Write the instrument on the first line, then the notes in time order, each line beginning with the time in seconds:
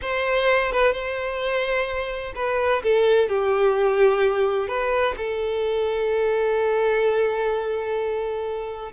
violin
0.01 C5
0.72 B4
0.92 C5
2.35 B4
2.82 A4
3.28 G4
4.67 B4
5.17 A4